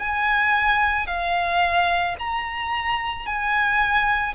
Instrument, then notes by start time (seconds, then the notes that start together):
violin
0.00 G#5
1.07 F5
2.19 A#5
3.27 G#5